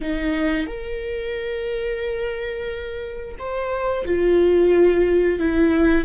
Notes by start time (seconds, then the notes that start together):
0.00 D#4
0.66 A#4
3.38 C5
4.05 F4
5.39 E4